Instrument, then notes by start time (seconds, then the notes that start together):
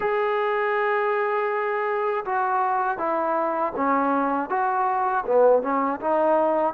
trombone
0.00 G#4
2.25 F#4
2.98 E4
3.75 C#4
4.49 F#4
5.26 B3
5.62 C#4
6.00 D#4